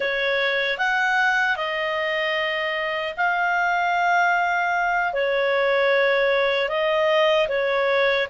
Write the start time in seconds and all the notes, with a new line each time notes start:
0.00 C#5
0.78 F#5
1.56 D#5
3.16 F5
5.13 C#5
6.69 D#5
7.48 C#5